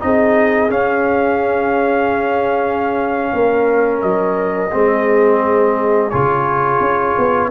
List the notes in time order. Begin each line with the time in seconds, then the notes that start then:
0.00 C4 D#4 G#4 D#5
0.69 C#4 F5
3.33 A#3 A#4
4.01 F#3 D#5
4.72 G#3 C4 G#4
6.10 C#3 F4 C#5
6.80 C#4
7.18 B3